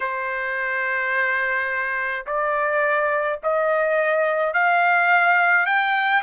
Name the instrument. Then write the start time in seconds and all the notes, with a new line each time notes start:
trumpet
0.00 C5
2.26 D5
3.43 D#5
4.53 F5
5.66 G5